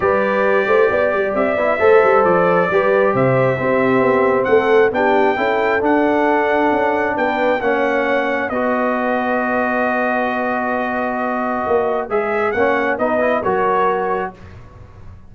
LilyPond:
<<
  \new Staff \with { instrumentName = "trumpet" } { \time 4/4 \tempo 4 = 134 d''2. e''4~ | e''4 d''2 e''4~ | e''2 fis''4 g''4~ | g''4 fis''2. |
g''4 fis''2 dis''4~ | dis''1~ | dis''2. e''4 | fis''4 dis''4 cis''2 | }
  \new Staff \with { instrumentName = "horn" } { \time 4/4 b'4. c''8 d''2 | c''2 b'4 c''4 | g'2 a'4 g'4 | a'1 |
b'4 cis''2 b'4~ | b'1~ | b'1 | cis''4 b'4 ais'2 | }
  \new Staff \with { instrumentName = "trombone" } { \time 4/4 g'2.~ g'8 e'8 | a'2 g'2 | c'2. d'4 | e'4 d'2.~ |
d'4 cis'2 fis'4~ | fis'1~ | fis'2. gis'4 | cis'4 dis'8 e'8 fis'2 | }
  \new Staff \with { instrumentName = "tuba" } { \time 4/4 g4. a8 b8 g8 c'8 b8 | a8 g8 f4 g4 c4 | c'4 b4 a4 b4 | cis'4 d'2 cis'4 |
b4 ais2 b4~ | b1~ | b2 ais4 gis4 | ais4 b4 fis2 | }
>>